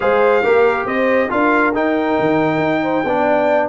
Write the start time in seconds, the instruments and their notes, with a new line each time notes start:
0.00 tuba G#3, trombone G#4, horn C5, trumpet F5
0.43 tuba A#3, trombone G4, horn A#4
0.85 tuba C4, horn C5, trumpet D#5
1.29 tuba D4, trombone F4, horn A#4, trumpet F5
1.74 tuba D#4, trombone D#4, trumpet G5
2.19 tuba D#3
2.58 tuba D#4
2.82 horn C5
3.04 tuba B3, trombone D4, horn D5